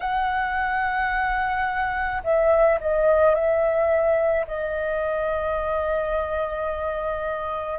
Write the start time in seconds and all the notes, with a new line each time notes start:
0.00 F#5
2.23 E5
2.80 D#5
3.34 E5
4.47 D#5